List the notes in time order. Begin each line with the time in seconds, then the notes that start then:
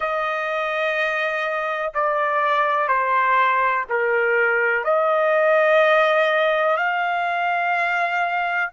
0.00 D#5
1.94 D5
2.88 C5
3.89 A#4
4.83 D#5
6.77 F5